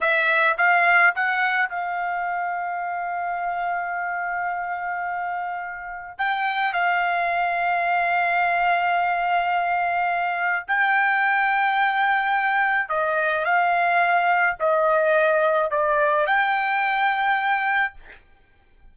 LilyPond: \new Staff \with { instrumentName = "trumpet" } { \time 4/4 \tempo 4 = 107 e''4 f''4 fis''4 f''4~ | f''1~ | f''2. g''4 | f''1~ |
f''2. g''4~ | g''2. dis''4 | f''2 dis''2 | d''4 g''2. | }